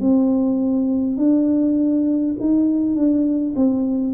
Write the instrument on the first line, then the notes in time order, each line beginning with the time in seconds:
tuba
0.00 C4
1.17 D4
2.40 D#4
2.95 D4
3.56 C4